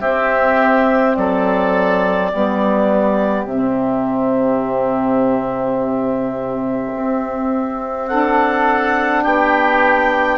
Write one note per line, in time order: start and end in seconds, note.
0.00 1.15 C4
0.00 2.32 C4
0.00 1.16 G4
0.00 1.15 E5
1.15 2.32 F#3
1.15 2.31 A4
1.15 3.46 D5
2.31 3.45 G3
2.31 3.48 B3
2.31 8.08 G4
3.45 6.91 C3
3.45 8.09 C4
3.45 8.08 E5
6.94 9.25 C4
8.08 10.38 D4
8.08 9.24 A4
8.08 9.23 F#5
9.23 10.38 B3
9.23 10.38 G4
9.23 10.38 G5